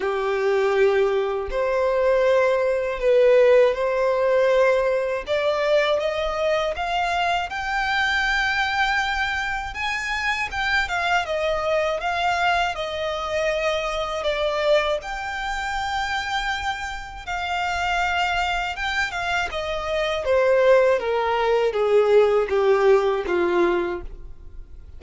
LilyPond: \new Staff \with { instrumentName = "violin" } { \time 4/4 \tempo 4 = 80 g'2 c''2 | b'4 c''2 d''4 | dis''4 f''4 g''2~ | g''4 gis''4 g''8 f''8 dis''4 |
f''4 dis''2 d''4 | g''2. f''4~ | f''4 g''8 f''8 dis''4 c''4 | ais'4 gis'4 g'4 f'4 | }